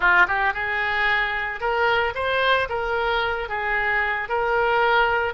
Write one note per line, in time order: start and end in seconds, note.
0.00 0.26 F4
0.27 0.53 G4
0.53 1.60 G#4
1.60 2.13 A#4
2.14 2.68 C5
2.69 3.48 A#4
3.48 4.29 G#4
4.29 5.33 A#4